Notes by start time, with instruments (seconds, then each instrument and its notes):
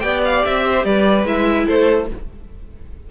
0.00 cello B3, viola G4, violin D5 G5
0.25 violin F5
0.45 cello C4, violin E5
0.65 violin C5
0.84 cello G3, violin B4 D5
1.25 cello G#3, viola E4, violin E5
1.66 cello A3, violin A4 C5